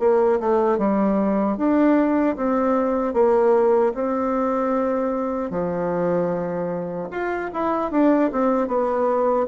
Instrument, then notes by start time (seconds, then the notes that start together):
bassoon
0.00 A#3
0.41 A3
0.79 G3
1.58 D4
2.37 C4
3.14 A#3
3.95 C4
5.51 F3
7.11 F4
7.54 E4
7.92 D4
8.33 C4
8.68 B3